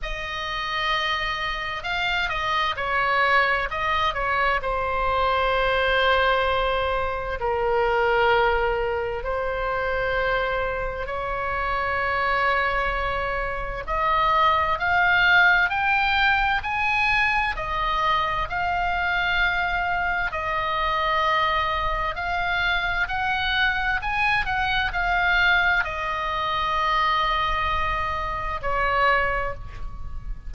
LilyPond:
\new Staff \with { instrumentName = "oboe" } { \time 4/4 \tempo 4 = 65 dis''2 f''8 dis''8 cis''4 | dis''8 cis''8 c''2. | ais'2 c''2 | cis''2. dis''4 |
f''4 g''4 gis''4 dis''4 | f''2 dis''2 | f''4 fis''4 gis''8 fis''8 f''4 | dis''2. cis''4 | }